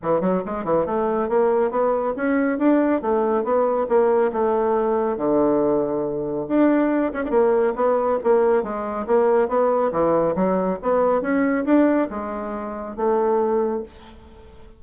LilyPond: \new Staff \with { instrumentName = "bassoon" } { \time 4/4 \tempo 4 = 139 e8 fis8 gis8 e8 a4 ais4 | b4 cis'4 d'4 a4 | b4 ais4 a2 | d2. d'4~ |
d'8 cis'16 d'16 ais4 b4 ais4 | gis4 ais4 b4 e4 | fis4 b4 cis'4 d'4 | gis2 a2 | }